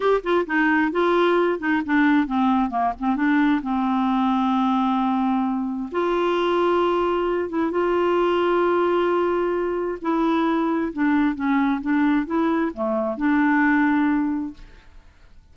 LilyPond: \new Staff \with { instrumentName = "clarinet" } { \time 4/4 \tempo 4 = 132 g'8 f'8 dis'4 f'4. dis'8 | d'4 c'4 ais8 c'8 d'4 | c'1~ | c'4 f'2.~ |
f'8 e'8 f'2.~ | f'2 e'2 | d'4 cis'4 d'4 e'4 | a4 d'2. | }